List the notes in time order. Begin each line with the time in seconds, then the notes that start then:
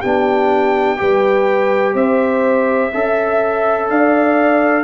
0.00 B3 D4 G4 G5
0.97 G3 G4 B4
1.94 C4 C5 E5
2.93 C#4 A4 E5
3.89 D4 D5 F5